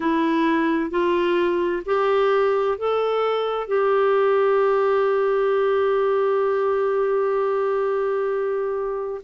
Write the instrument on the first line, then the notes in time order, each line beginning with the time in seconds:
clarinet
0.00 E4
0.90 F4
1.85 G4
2.78 A4
3.67 G4